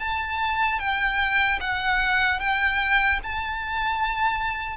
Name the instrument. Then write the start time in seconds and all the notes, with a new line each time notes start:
violin
0.00 A5
0.80 G5
1.61 F#5
2.40 G5
3.23 A5